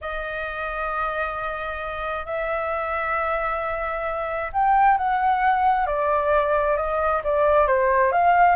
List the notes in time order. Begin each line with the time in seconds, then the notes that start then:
0.01 D#5
2.25 E5
4.52 G5
4.97 F#5
5.86 D5
6.76 D#5
7.24 D5
7.67 C5
8.12 F5